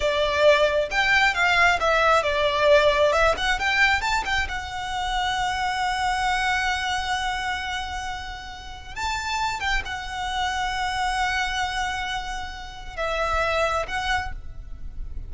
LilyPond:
\new Staff \with { instrumentName = "violin" } { \time 4/4 \tempo 4 = 134 d''2 g''4 f''4 | e''4 d''2 e''8 fis''8 | g''4 a''8 g''8 fis''2~ | fis''1~ |
fis''1 | a''4. g''8 fis''2~ | fis''1~ | fis''4 e''2 fis''4 | }